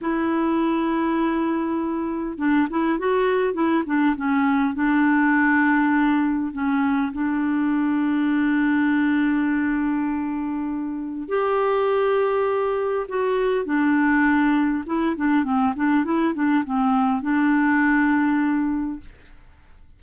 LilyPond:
\new Staff \with { instrumentName = "clarinet" } { \time 4/4 \tempo 4 = 101 e'1 | d'8 e'8 fis'4 e'8 d'8 cis'4 | d'2. cis'4 | d'1~ |
d'2. g'4~ | g'2 fis'4 d'4~ | d'4 e'8 d'8 c'8 d'8 e'8 d'8 | c'4 d'2. | }